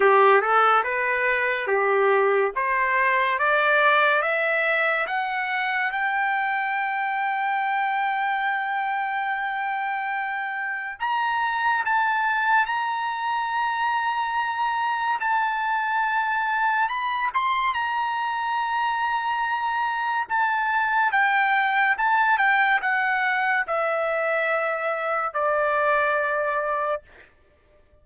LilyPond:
\new Staff \with { instrumentName = "trumpet" } { \time 4/4 \tempo 4 = 71 g'8 a'8 b'4 g'4 c''4 | d''4 e''4 fis''4 g''4~ | g''1~ | g''4 ais''4 a''4 ais''4~ |
ais''2 a''2 | b''8 c'''8 ais''2. | a''4 g''4 a''8 g''8 fis''4 | e''2 d''2 | }